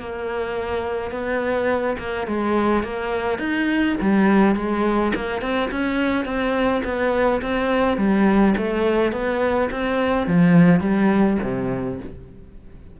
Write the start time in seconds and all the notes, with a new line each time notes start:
0.00 A#3
1.11 B3
1.99 A#3
2.27 G#3
2.84 A#3
3.39 D#4
4.01 G3
4.56 G#3
5.15 A#3
5.42 C4
5.71 C#4
6.25 C4
6.84 B3
7.42 C4
7.98 G3
8.58 A3
9.12 B3
9.71 C4
10.27 F3
10.81 G3
11.43 C3